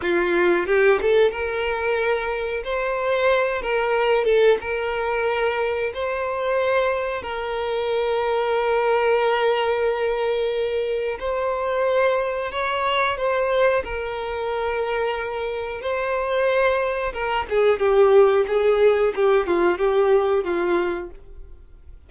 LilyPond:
\new Staff \with { instrumentName = "violin" } { \time 4/4 \tempo 4 = 91 f'4 g'8 a'8 ais'2 | c''4. ais'4 a'8 ais'4~ | ais'4 c''2 ais'4~ | ais'1~ |
ais'4 c''2 cis''4 | c''4 ais'2. | c''2 ais'8 gis'8 g'4 | gis'4 g'8 f'8 g'4 f'4 | }